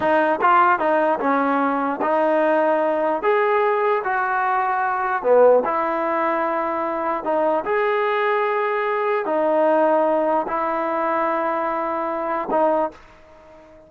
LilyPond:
\new Staff \with { instrumentName = "trombone" } { \time 4/4 \tempo 4 = 149 dis'4 f'4 dis'4 cis'4~ | cis'4 dis'2. | gis'2 fis'2~ | fis'4 b4 e'2~ |
e'2 dis'4 gis'4~ | gis'2. dis'4~ | dis'2 e'2~ | e'2. dis'4 | }